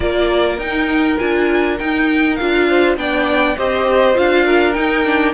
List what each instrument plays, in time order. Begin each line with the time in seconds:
0.00 cello A#3, viola F4, violin A#4 D5
0.57 cello D#4, viola D#4, violin G5
1.18 cello D4, viola F4, violin G#5
1.78 viola D#4, cello D#4, violin G5
2.35 cello D4, viola F4, violin F5
2.68 violin C5
2.96 cello B3, viola D4, violin D5 G5
3.56 cello C4, viola G4, violin C5 D#5
4.13 cello D4, viola F4, violin F5
4.45 violin A#4
4.73 viola D#4, cello D#4, violin G5
5.04 viola D4